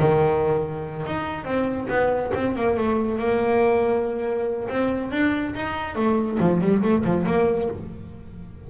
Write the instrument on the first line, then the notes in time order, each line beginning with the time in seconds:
double bass
0.00 D#3
1.07 D#4
1.45 C4
1.89 B3
2.35 C4
2.56 A#3
2.77 A3
3.19 A#3
4.69 C4
5.12 D4
5.55 D#4
5.96 A3
6.40 F3
6.61 G3
6.83 A3
7.05 F3
7.27 A#3